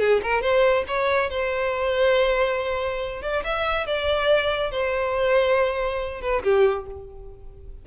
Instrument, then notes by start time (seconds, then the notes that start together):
violin
0.00 G#4
0.23 A#4
0.42 C5
0.88 C#5
1.30 C5
3.22 D5
3.45 E5
3.87 D5
4.72 C5
6.22 B4
6.44 G4